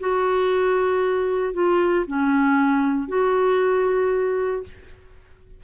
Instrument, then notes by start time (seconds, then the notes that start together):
clarinet
0.00 F#4
1.54 F4
2.07 C#4
3.08 F#4